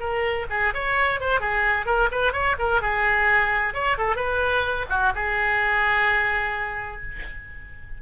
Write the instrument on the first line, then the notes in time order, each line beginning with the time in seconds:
oboe
0.00 A#4
0.50 G#4
0.74 C#5
1.21 C5
1.40 G#4
1.86 A#4
2.12 B4
2.33 C#5
2.59 A#4
2.81 G#4
3.74 C#5
3.98 A4
4.16 B4
4.89 F#4
5.15 G#4